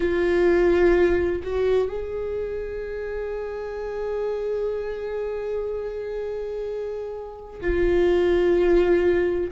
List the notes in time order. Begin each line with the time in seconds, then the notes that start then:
0.00 F4
1.43 F#4
1.88 G#4
7.61 F4